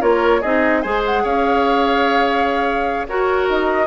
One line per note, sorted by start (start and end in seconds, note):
0.00 0.42 A#3
0.00 0.41 F4
0.00 0.41 A#4
0.00 0.41 C#5
0.41 0.84 C4
0.41 0.84 D#4
0.41 0.81 G#4
0.41 0.81 D#5
0.81 1.24 G#3
0.81 3.08 G#4
0.81 1.23 C5
0.81 1.01 G#5
1.05 1.25 F#5
1.23 3.07 C#4
1.23 3.06 C#5
1.23 3.07 F5
3.07 3.49 F#4
3.07 3.86 F#4
3.07 3.86 A#4
3.07 3.48 C#5
3.49 3.86 D#4
3.49 3.86 D#5